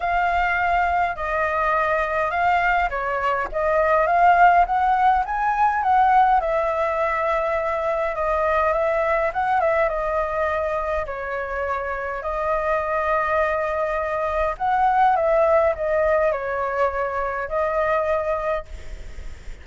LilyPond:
\new Staff \with { instrumentName = "flute" } { \time 4/4 \tempo 4 = 103 f''2 dis''2 | f''4 cis''4 dis''4 f''4 | fis''4 gis''4 fis''4 e''4~ | e''2 dis''4 e''4 |
fis''8 e''8 dis''2 cis''4~ | cis''4 dis''2.~ | dis''4 fis''4 e''4 dis''4 | cis''2 dis''2 | }